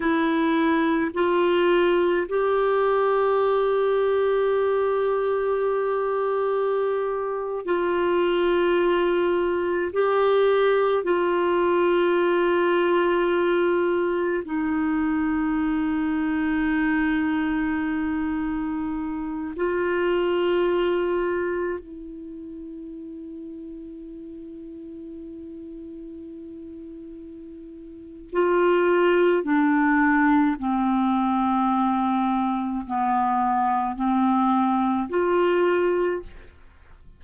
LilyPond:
\new Staff \with { instrumentName = "clarinet" } { \time 4/4 \tempo 4 = 53 e'4 f'4 g'2~ | g'2~ g'8. f'4~ f'16~ | f'8. g'4 f'2~ f'16~ | f'8. dis'2.~ dis'16~ |
dis'4~ dis'16 f'2 e'8.~ | e'1~ | e'4 f'4 d'4 c'4~ | c'4 b4 c'4 f'4 | }